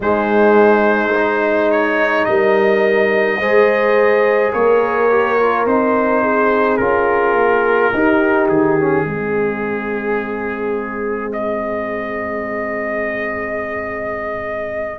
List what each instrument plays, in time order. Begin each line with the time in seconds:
0.00 tuba G#3, trombone G#3, horn D#4, trumpet C5
1.14 trombone D#4
1.71 trumpet C#5
2.25 tuba G3, horn A#4, trumpet D#5
3.39 tuba G#3, trombone G#4, horn C5
4.52 tuba A#3, horn A#4, trumpet C#5
5.10 trombone G4
5.39 trombone F4
5.65 tuba C4, trombone D#4, trumpet C5
6.21 horn G#4
6.77 tuba C#4, trombone F4, trumpet A#4
7.33 tuba A#3
7.93 tuba D#4, trombone D#4, horn G4
8.48 tuba D#3, trumpet G#4
8.79 trombone C#4
9.05 tuba G#3, trombone C4, horn G#4
11.33 trumpet D#5